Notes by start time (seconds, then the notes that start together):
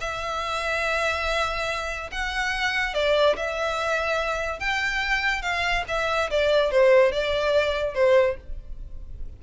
0.00 E5
2.12 F#5
2.94 D5
3.36 E5
4.59 G5
5.42 F5
5.88 E5
6.30 D5
6.71 C5
7.12 D5
7.94 C5